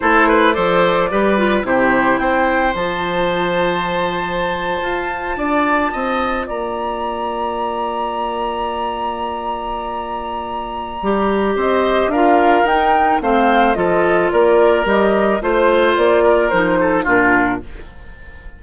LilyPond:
<<
  \new Staff \with { instrumentName = "flute" } { \time 4/4 \tempo 4 = 109 c''4 d''2 c''4 | g''4 a''2.~ | a''2.~ a''8. ais''16~ | ais''1~ |
ais''1~ | ais''4 dis''4 f''4 g''4 | f''4 dis''4 d''4 dis''4 | c''4 d''4 c''4 ais'4 | }
  \new Staff \with { instrumentName = "oboe" } { \time 4/4 a'8 b'8 c''4 b'4 g'4 | c''1~ | c''4.~ c''16 d''4 dis''4 d''16~ | d''1~ |
d''1~ | d''4 c''4 ais'2 | c''4 a'4 ais'2 | c''4. ais'4 a'8 f'4 | }
  \new Staff \with { instrumentName = "clarinet" } { \time 4/4 e'4 a'4 g'8 f'8 e'4~ | e'4 f'2.~ | f'1~ | f'1~ |
f'1 | g'2 f'4 dis'4 | c'4 f'2 g'4 | f'2 dis'4 d'4 | }
  \new Staff \with { instrumentName = "bassoon" } { \time 4/4 a4 f4 g4 c4 | c'4 f2.~ | f8. f'4 d'4 c'4 ais16~ | ais1~ |
ais1 | g4 c'4 d'4 dis'4 | a4 f4 ais4 g4 | a4 ais4 f4 ais,4 | }
>>